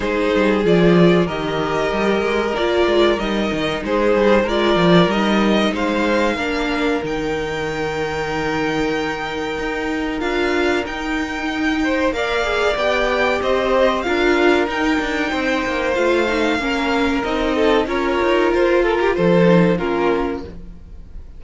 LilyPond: <<
  \new Staff \with { instrumentName = "violin" } { \time 4/4 \tempo 4 = 94 c''4 d''4 dis''2 | d''4 dis''4 c''4 d''4 | dis''4 f''2 g''4~ | g''1 |
f''4 g''2 f''4 | g''4 dis''4 f''4 g''4~ | g''4 f''2 dis''4 | cis''4 c''8 ais'8 c''4 ais'4 | }
  \new Staff \with { instrumentName = "violin" } { \time 4/4 gis'2 ais'2~ | ais'2 gis'4 ais'4~ | ais'4 c''4 ais'2~ | ais'1~ |
ais'2~ ais'8 c''8 d''4~ | d''4 c''4 ais'2 | c''2 ais'4. a'8 | ais'4. a'16 g'16 a'4 f'4 | }
  \new Staff \with { instrumentName = "viola" } { \time 4/4 dis'4 f'4 g'2 | f'4 dis'2 f'4 | dis'2 d'4 dis'4~ | dis'1 |
f'4 dis'2 ais'8 gis'8 | g'2 f'4 dis'4~ | dis'4 f'8 dis'8 cis'4 dis'4 | f'2~ f'8 dis'8 cis'4 | }
  \new Staff \with { instrumentName = "cello" } { \time 4/4 gis8 g8 f4 dis4 g8 gis8 | ais8 gis8 g8 dis8 gis8 g8 gis8 f8 | g4 gis4 ais4 dis4~ | dis2. dis'4 |
d'4 dis'2 ais4 | b4 c'4 d'4 dis'8 d'8 | c'8 ais8 a4 ais4 c'4 | cis'8 dis'8 f'4 f4 ais4 | }
>>